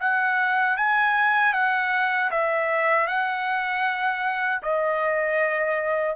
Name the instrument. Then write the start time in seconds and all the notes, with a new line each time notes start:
trumpet
0.00 F#5
0.77 G#5
1.53 F#5
2.31 E5
3.07 F#5
4.63 D#5